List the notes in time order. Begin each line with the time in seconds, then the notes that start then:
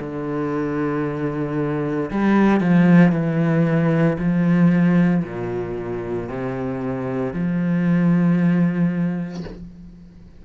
0.00 D3
2.11 G3
2.61 F3
3.12 E3
4.19 F3
5.24 A#2
6.29 C3
7.33 F3